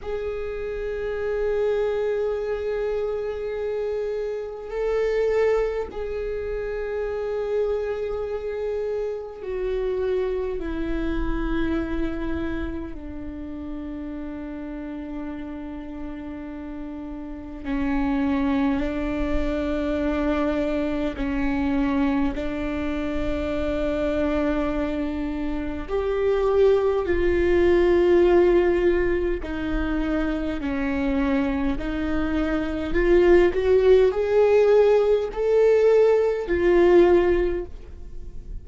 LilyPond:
\new Staff \with { instrumentName = "viola" } { \time 4/4 \tempo 4 = 51 gis'1 | a'4 gis'2. | fis'4 e'2 d'4~ | d'2. cis'4 |
d'2 cis'4 d'4~ | d'2 g'4 f'4~ | f'4 dis'4 cis'4 dis'4 | f'8 fis'8 gis'4 a'4 f'4 | }